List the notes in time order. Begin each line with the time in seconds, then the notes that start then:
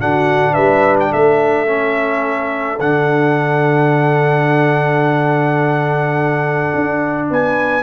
0.00 D3 D4 F#4 F#5
0.53 G3 B4 E5
1.00 G5
1.11 A3 A4 E5
1.67 C#4
2.80 D3 D4 F#5
6.75 D4
7.30 B3 B4 G#5